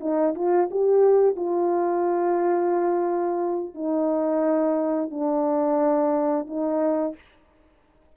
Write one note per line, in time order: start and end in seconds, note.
0.00 0.34 D#4
0.35 0.69 F4
0.71 1.36 G4
1.36 3.74 F4
3.74 5.10 D#4
5.10 6.46 D4
6.46 7.15 D#4